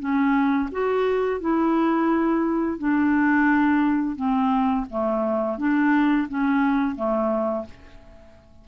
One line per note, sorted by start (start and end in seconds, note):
0.00 0.70 C#4
0.72 1.41 F#4
1.41 2.79 E4
2.79 4.16 D4
4.16 4.86 C4
4.90 5.58 A3
5.58 6.28 D4
6.29 6.96 C#4
6.96 7.66 A3